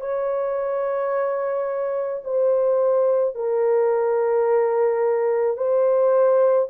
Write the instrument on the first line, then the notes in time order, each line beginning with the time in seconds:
horn
0.00 C#5
2.24 C5
3.35 A#4
5.57 C5